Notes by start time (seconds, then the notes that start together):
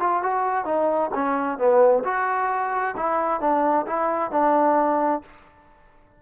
0.00 F4
0.23 F#4
0.65 D#4
1.14 C#4
1.58 B3
2.04 F#4
2.97 E4
3.40 D4
3.87 E4
4.31 D4